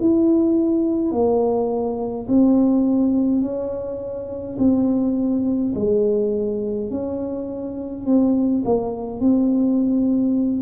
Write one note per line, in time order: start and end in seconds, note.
0.00 1.12 E4
1.12 2.28 A#3
2.29 3.42 C4
3.42 4.57 C#4
4.59 5.74 C4
5.75 6.91 G#3
6.91 8.06 C#4
8.06 8.64 C4
8.65 9.20 A#3
9.20 10.63 C4